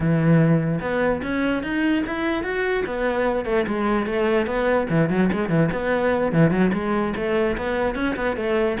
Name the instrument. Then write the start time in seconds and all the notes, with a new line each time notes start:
cello
0.00 E3
0.81 B3
1.22 C#4
1.63 D#4
2.06 E4
2.43 F#4
2.86 B3
3.45 A3
3.67 G#3
4.06 A3
4.46 B3
4.89 E3
5.09 F#3
5.32 G#3
5.49 E3
5.71 B3
6.32 E3
6.50 F#3
6.73 G#3
7.16 A3
7.57 B3
7.95 C#4
8.15 B3
8.36 A3